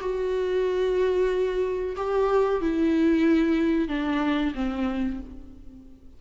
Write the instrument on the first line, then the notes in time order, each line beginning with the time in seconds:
viola
0.00 F#4
1.96 G4
2.61 E4
3.88 D4
4.55 C4